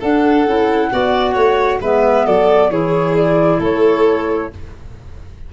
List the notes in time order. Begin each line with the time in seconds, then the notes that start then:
0.00 D4 A4 F#5
0.47 C#4 E4
0.92 B3 F#4 D5
1.34 A3 C#5
1.80 G#3 B3 B4 E5
2.26 F#3 A4 D5
2.69 E3 E4 G#4 C#5
3.16 D5
3.59 A3 A4 C#5